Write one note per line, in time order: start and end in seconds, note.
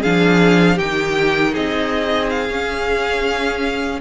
0.00 0.79 F3
0.00 0.78 D4
0.00 0.75 G#4
0.00 0.78 F5
0.75 1.55 D#3
0.75 2.49 D#4
0.75 1.51 G4
0.75 1.54 G5
1.53 2.49 C4
1.53 3.99 G#4
1.53 2.30 D#5
2.30 4.00 F5
2.49 4.01 C#4